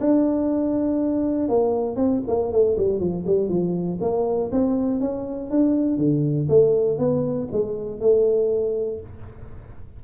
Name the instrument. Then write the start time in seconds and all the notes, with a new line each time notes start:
tuba
0.00 D4
1.49 A#3
1.95 C4
2.27 A#3
2.51 A3
2.77 G3
2.99 F3
3.26 G3
3.48 F3
4.00 A#3
4.51 C4
5.00 C#4
5.50 D4
5.97 D3
6.49 A3
6.98 B3
7.52 G#3
8.00 A3